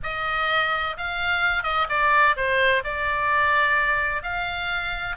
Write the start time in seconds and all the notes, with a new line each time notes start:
0.03 D#5
0.97 F5
1.63 D#5
1.89 D5
2.36 C5
2.84 D5
4.22 F5